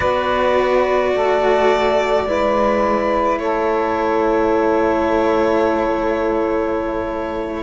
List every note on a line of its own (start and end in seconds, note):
0.00 1.15 B3
0.00 2.26 F#4
0.00 1.12 B4
0.00 3.38 D5
1.14 2.26 A3
1.14 2.27 A4
2.26 3.38 G#3
2.26 7.62 E4
2.26 3.40 B4
3.38 7.62 A3
3.38 7.62 A4
3.38 7.62 C#5